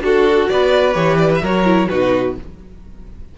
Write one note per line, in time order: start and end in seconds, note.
0.00 0.47 D4
0.00 0.94 F#4
0.00 0.50 F#4
0.00 0.49 A4
0.49 0.95 B3
0.49 1.42 B4
0.49 0.94 D5
0.94 1.41 E3
0.94 1.40 G4
0.94 1.17 C#5
1.18 1.30 D5
1.35 1.45 E5
1.42 1.89 F#3
1.42 1.65 F#4
1.42 1.88 A#4
1.42 1.89 C#5
1.65 1.88 E4
1.89 2.38 B2
1.89 2.37 D#4
1.89 2.36 F#4
1.89 2.35 B4